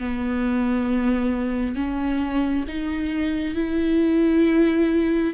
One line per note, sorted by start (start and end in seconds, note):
0.00 1.76 B3
1.76 2.65 C#4
2.68 3.56 D#4
3.56 5.34 E4